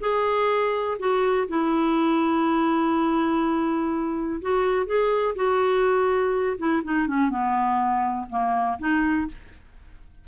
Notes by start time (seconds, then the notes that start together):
0.00 G#4
0.99 F#4
1.48 E4
4.41 F#4
4.86 G#4
5.35 F#4
6.58 E4
6.84 D#4
7.08 C#4
7.30 B3
8.29 A#3
8.79 D#4